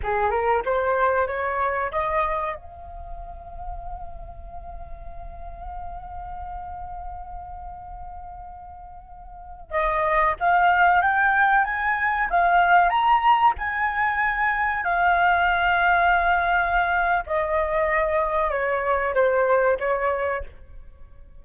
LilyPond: \new Staff \with { instrumentName = "flute" } { \time 4/4 \tempo 4 = 94 gis'8 ais'8 c''4 cis''4 dis''4 | f''1~ | f''1~ | f''2.~ f''16 dis''8.~ |
dis''16 f''4 g''4 gis''4 f''8.~ | f''16 ais''4 gis''2 f''8.~ | f''2. dis''4~ | dis''4 cis''4 c''4 cis''4 | }